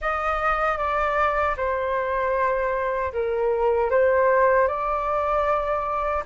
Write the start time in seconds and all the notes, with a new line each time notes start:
0.01 D#5
0.77 D5
1.56 C5
3.12 A#4
3.90 C5
4.68 D5